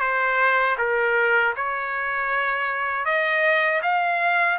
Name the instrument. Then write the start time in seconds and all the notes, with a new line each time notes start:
trumpet
0.00 C5
0.78 A#4
1.56 C#5
3.05 D#5
3.82 F5